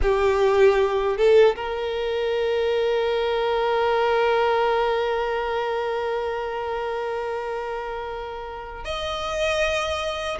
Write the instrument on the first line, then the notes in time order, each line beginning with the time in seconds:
violin
0.02 G4
1.17 A4
1.56 A#4
8.84 D#5